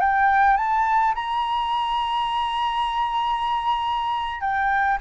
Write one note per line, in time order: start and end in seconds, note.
0.00 0.57 G5
0.57 1.14 A5
1.15 4.41 A#5
4.41 4.98 G5